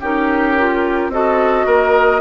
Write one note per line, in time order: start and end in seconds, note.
0.00 1.09 C#4
0.00 0.58 D#4
0.00 1.11 G4
0.00 1.12 A#4
0.58 1.12 F4
1.09 1.64 C4
1.09 2.21 F#4
1.09 1.66 A4
1.09 2.21 D#5
1.66 2.21 A#3
1.66 2.21 A#4